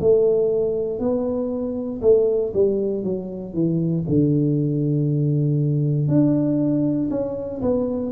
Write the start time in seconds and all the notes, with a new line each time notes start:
0.00 A3
0.99 B3
2.02 A3
2.53 G3
3.04 F#3
3.54 E3
4.08 D3
6.08 D4
7.10 C#4
7.62 B3